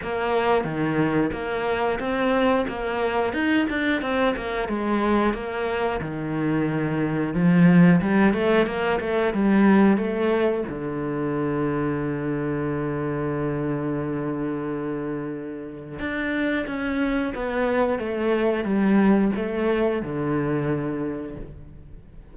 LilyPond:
\new Staff \with { instrumentName = "cello" } { \time 4/4 \tempo 4 = 90 ais4 dis4 ais4 c'4 | ais4 dis'8 d'8 c'8 ais8 gis4 | ais4 dis2 f4 | g8 a8 ais8 a8 g4 a4 |
d1~ | d1 | d'4 cis'4 b4 a4 | g4 a4 d2 | }